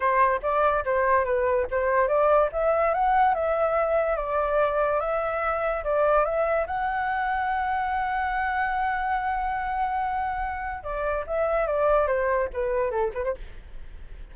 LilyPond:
\new Staff \with { instrumentName = "flute" } { \time 4/4 \tempo 4 = 144 c''4 d''4 c''4 b'4 | c''4 d''4 e''4 fis''4 | e''2 d''2 | e''2 d''4 e''4 |
fis''1~ | fis''1~ | fis''2 d''4 e''4 | d''4 c''4 b'4 a'8 b'16 c''16 | }